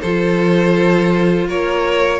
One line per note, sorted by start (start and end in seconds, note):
0.00 1.48 F3
0.00 2.20 F4
0.00 1.46 A4
0.00 1.47 C5
1.48 2.20 A#3
1.48 2.20 A#4
1.48 2.20 C#5